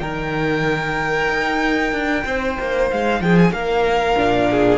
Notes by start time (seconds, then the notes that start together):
0.00 D#3 D#4 A#4 G5
1.29 D#4
1.92 D4
2.25 C4 C5
2.60 A#3
2.91 G#3 F5
3.21 F3 G#4 G5
3.37 G#5
3.51 A#3 A#4 F5
4.16 A#2 D4
4.51 G#4